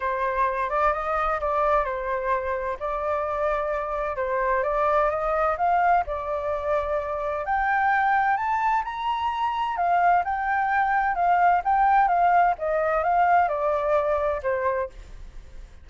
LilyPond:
\new Staff \with { instrumentName = "flute" } { \time 4/4 \tempo 4 = 129 c''4. d''8 dis''4 d''4 | c''2 d''2~ | d''4 c''4 d''4 dis''4 | f''4 d''2. |
g''2 a''4 ais''4~ | ais''4 f''4 g''2 | f''4 g''4 f''4 dis''4 | f''4 d''2 c''4 | }